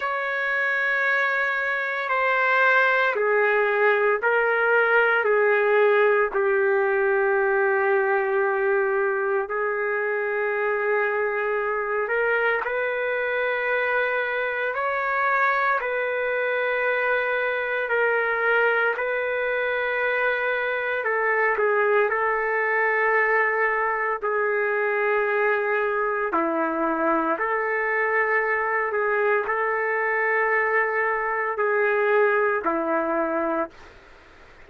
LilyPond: \new Staff \with { instrumentName = "trumpet" } { \time 4/4 \tempo 4 = 57 cis''2 c''4 gis'4 | ais'4 gis'4 g'2~ | g'4 gis'2~ gis'8 ais'8 | b'2 cis''4 b'4~ |
b'4 ais'4 b'2 | a'8 gis'8 a'2 gis'4~ | gis'4 e'4 a'4. gis'8 | a'2 gis'4 e'4 | }